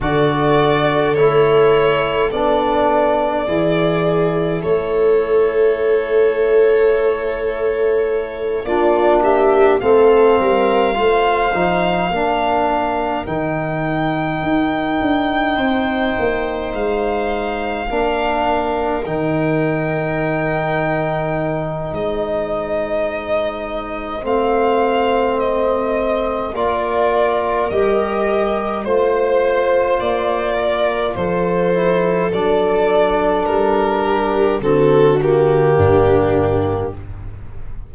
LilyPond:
<<
  \new Staff \with { instrumentName = "violin" } { \time 4/4 \tempo 4 = 52 d''4 cis''4 d''2 | cis''2.~ cis''8 d''8 | e''8 f''2. g''8~ | g''2~ g''8 f''4.~ |
f''8 g''2~ g''8 dis''4~ | dis''4 f''4 dis''4 d''4 | dis''4 c''4 d''4 c''4 | d''4 ais'4 a'8 g'4. | }
  \new Staff \with { instrumentName = "viola" } { \time 4/4 a'2. gis'4 | a'2.~ a'8 f'8 | g'8 a'8 ais'8 c''4 ais'4.~ | ais'4. c''2 ais'8~ |
ais'2. c''4~ | c''2. ais'4~ | ais'4 c''4. ais'8 a'4~ | a'4. g'8 fis'4 d'4 | }
  \new Staff \with { instrumentName = "trombone" } { \time 4/4 fis'4 e'4 d'4 e'4~ | e'2.~ e'8 d'8~ | d'8 c'4 f'8 dis'8 d'4 dis'8~ | dis'2.~ dis'8 d'8~ |
d'8 dis'2.~ dis'8~ | dis'4 c'2 f'4 | g'4 f'2~ f'8 e'8 | d'2 c'8 ais4. | }
  \new Staff \with { instrumentName = "tuba" } { \time 4/4 d4 a4 b4 e4 | a2.~ a8 ais8~ | ais8 a8 g8 a8 f8 ais4 dis8~ | dis8 dis'8 d'8 c'8 ais8 gis4 ais8~ |
ais8 dis2~ dis8 gis4~ | gis4 a2 ais4 | g4 a4 ais4 f4 | fis4 g4 d4 g,4 | }
>>